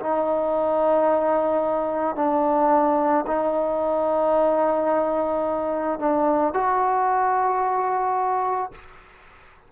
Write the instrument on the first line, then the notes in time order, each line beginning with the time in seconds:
trombone
0.00 D#4
2.16 D4
3.27 D#4
6.00 D4
6.54 F#4